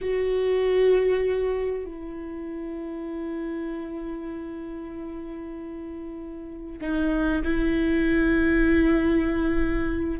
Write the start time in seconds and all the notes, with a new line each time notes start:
0.01 F#4
1.85 E4
6.81 D#4
7.43 E4